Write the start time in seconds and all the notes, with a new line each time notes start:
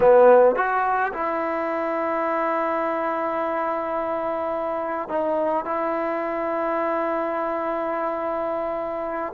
0.00 B3
0.55 F#4
1.13 E4
5.08 D#4
5.65 E4